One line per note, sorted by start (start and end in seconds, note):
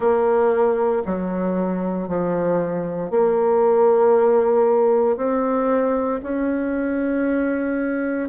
0.00 1.03 A#3
1.05 2.08 F#3
2.08 3.10 F3
3.10 5.16 A#3
5.16 6.20 C4
6.23 8.28 C#4